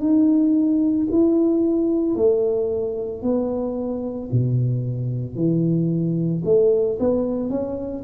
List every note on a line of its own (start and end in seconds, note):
0.00 1.07 D#4
1.11 2.15 E4
2.15 3.22 A3
3.22 4.30 B3
4.31 5.35 B2
5.35 6.42 E3
6.44 6.98 A3
6.99 7.50 B3
7.50 8.03 C#4